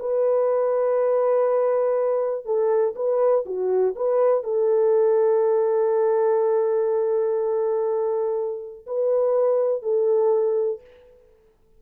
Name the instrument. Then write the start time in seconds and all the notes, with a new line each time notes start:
horn
0.00 B4
2.46 A4
2.96 B4
3.46 F#4
3.96 B4
4.44 A4
8.87 B4
9.83 A4